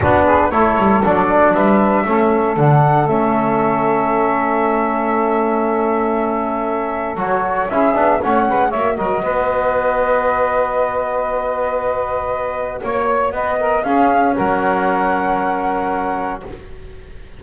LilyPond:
<<
  \new Staff \with { instrumentName = "flute" } { \time 4/4 \tempo 4 = 117 b'4 cis''4 d''4 e''4~ | e''4 fis''4 e''2~ | e''1~ | e''2 cis''4 e''4 |
fis''4 e''8 dis''2~ dis''8~ | dis''1~ | dis''4 cis''4 dis''4 f''4 | fis''1 | }
  \new Staff \with { instrumentName = "saxophone" } { \time 4/4 fis'8 gis'8 a'2 b'4 | a'1~ | a'1~ | a'2. gis'4 |
cis''8 b'8 cis''8 ais'8 b'2~ | b'1~ | b'4 cis''4 b'8 ais'8 gis'4 | ais'1 | }
  \new Staff \with { instrumentName = "trombone" } { \time 4/4 d'4 e'4 d'2 | cis'4 d'4 cis'2~ | cis'1~ | cis'2 fis'4 e'8 d'8 |
cis'4 fis'2.~ | fis'1~ | fis'2. cis'4~ | cis'1 | }
  \new Staff \with { instrumentName = "double bass" } { \time 4/4 b4 a8 g8 fis4 g4 | a4 d4 a2~ | a1~ | a2 fis4 cis'8 b8 |
a8 gis8 ais8 fis8 b2~ | b1~ | b4 ais4 b4 cis'4 | fis1 | }
>>